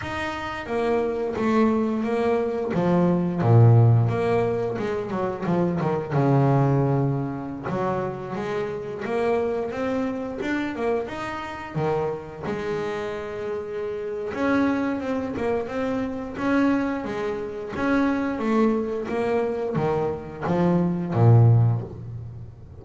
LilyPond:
\new Staff \with { instrumentName = "double bass" } { \time 4/4 \tempo 4 = 88 dis'4 ais4 a4 ais4 | f4 ais,4 ais4 gis8 fis8 | f8 dis8 cis2~ cis16 fis8.~ | fis16 gis4 ais4 c'4 d'8 ais16~ |
ais16 dis'4 dis4 gis4.~ gis16~ | gis4 cis'4 c'8 ais8 c'4 | cis'4 gis4 cis'4 a4 | ais4 dis4 f4 ais,4 | }